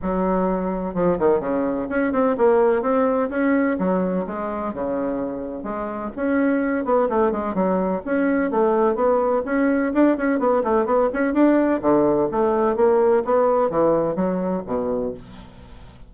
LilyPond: \new Staff \with { instrumentName = "bassoon" } { \time 4/4 \tempo 4 = 127 fis2 f8 dis8 cis4 | cis'8 c'8 ais4 c'4 cis'4 | fis4 gis4 cis2 | gis4 cis'4. b8 a8 gis8 |
fis4 cis'4 a4 b4 | cis'4 d'8 cis'8 b8 a8 b8 cis'8 | d'4 d4 a4 ais4 | b4 e4 fis4 b,4 | }